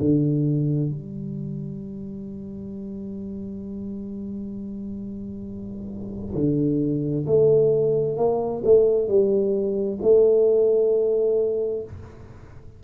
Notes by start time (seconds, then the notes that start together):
0.00 D3
0.91 G3
6.35 D3
7.27 A3
8.17 A#3
8.64 A3
9.08 G3
10.02 A3